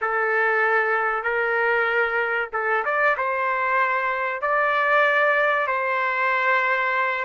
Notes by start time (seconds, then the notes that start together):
0.01 A4
1.23 A#4
2.53 A4
2.84 D5
3.17 C5
4.41 D5
5.67 C5